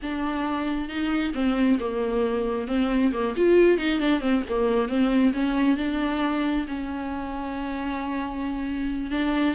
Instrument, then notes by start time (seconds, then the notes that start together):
viola
0.02 D4
0.88 D#4
1.34 C4
1.79 A#3
2.67 C4
3.12 A#3
3.36 F4
3.78 D#4
3.99 D4
4.20 C4
4.49 A#3
4.88 C4
5.33 C#4
5.77 D4
6.67 C#4
9.10 D4